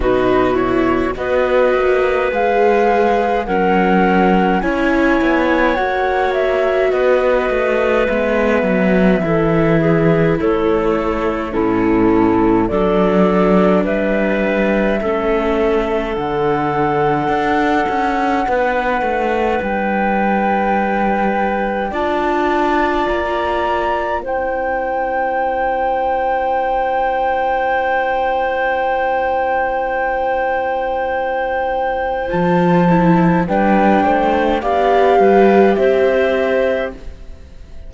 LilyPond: <<
  \new Staff \with { instrumentName = "flute" } { \time 4/4 \tempo 4 = 52 b'8 cis''8 dis''4 f''4 fis''4 | gis''4 fis''8 e''8 dis''4 e''4~ | e''4 cis''4 a'4 d''4 | e''2 fis''2~ |
fis''4 g''2 a''4 | ais''4 g''2.~ | g''1 | a''4 g''4 f''4 e''4 | }
  \new Staff \with { instrumentName = "clarinet" } { \time 4/4 fis'4 b'2 ais'4 | cis''2 b'2 | a'8 gis'8 a'4 e'4 a'4 | b'4 a'2. |
b'2. d''4~ | d''4 c''2.~ | c''1~ | c''4 b'8 c''8 d''8 b'8 c''4 | }
  \new Staff \with { instrumentName = "viola" } { \time 4/4 dis'8 e'8 fis'4 gis'4 cis'4 | e'4 fis'2 b4 | e'2 cis'4 d'4~ | d'4 cis'4 d'2~ |
d'2. f'4~ | f'4 e'2.~ | e'1 | f'8 e'8 d'4 g'2 | }
  \new Staff \with { instrumentName = "cello" } { \time 4/4 b,4 b8 ais8 gis4 fis4 | cis'8 b8 ais4 b8 a8 gis8 fis8 | e4 a4 a,4 fis4 | g4 a4 d4 d'8 cis'8 |
b8 a8 g2 d'4 | ais4 c'2.~ | c'1 | f4 g8 a8 b8 g8 c'4 | }
>>